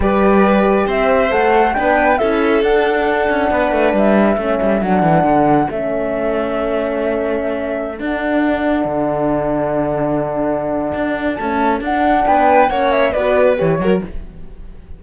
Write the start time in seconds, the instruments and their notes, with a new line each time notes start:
0.00 cello G3, horn G4, violin B4, flute D5
0.86 cello C4, violin C5, flute E5
1.30 cello A3, horn A4, flute F#5
1.74 cello B3, horn D4, violin B4, flute G5
2.18 cello C#4, horn E4, violin A4, flute E5
2.62 horn D4, cello D4, flute F#5
3.29 cello C#4
3.50 cello B3, violin B4
3.71 cello A3
3.92 cello G3, flute E5
4.37 cello A3, horn C#4, violin A4
4.61 cello G3
4.81 cello F#3, horn D4, flute F#5
5.02 cello E3
5.23 cello D3
5.70 cello A3, horn C#4, flute E5
7.97 horn D4, cello D4, flute F#5
8.84 cello D3
10.94 cello D4
11.34 horn A3, cello C#4, flute A5
11.80 cello D4, horn D4, flute F#5
12.27 cello B3, violin B4, flute G5
12.69 cello A#3, horn C#4, violin C#5, flute F#5
12.91 flute E5
13.11 cello B3, horn F#4, violin B4, flute D5
13.57 cello E3, horn G4, flute C#5
13.79 cello F#3, horn F#4, violin A#4